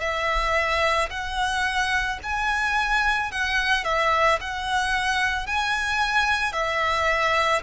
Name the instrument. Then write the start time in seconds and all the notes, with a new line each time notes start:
violin
0.00 E5
1.10 F#5
2.23 G#5
3.31 F#5
3.84 E5
4.41 F#5
5.46 G#5
6.53 E5